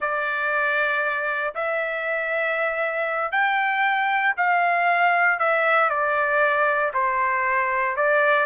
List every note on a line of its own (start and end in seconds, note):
0.00 1.54 D5
1.54 3.31 E5
3.31 4.34 G5
4.36 5.39 F5
5.39 5.89 E5
5.89 6.92 D5
6.93 7.96 C5
7.96 8.46 D5